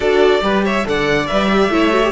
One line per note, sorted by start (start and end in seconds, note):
0.00 0.40 D4
0.00 0.41 F#4
0.00 0.41 A4
0.00 0.63 D5
0.41 0.84 G3
0.41 0.84 G4
0.41 0.64 B4
0.64 0.86 C#5
0.64 0.87 E5
0.84 1.30 D3
0.84 1.27 A4
0.84 1.72 D5
0.84 1.26 F#5
1.26 1.68 G3
1.26 1.49 B4
1.26 2.11 E5
1.49 1.70 G4
1.68 2.11 A3
1.68 1.92 E4
1.68 2.11 C#5
1.92 2.02 F#4
2.02 2.11 G4